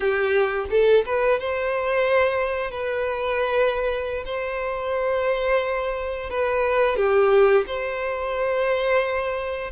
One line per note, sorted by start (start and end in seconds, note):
0.00 0.66 G4
0.70 1.04 A4
1.05 1.39 B4
1.39 2.71 C5
2.71 4.24 B4
4.25 6.29 C5
6.30 6.96 B4
6.96 7.64 G4
7.66 9.71 C5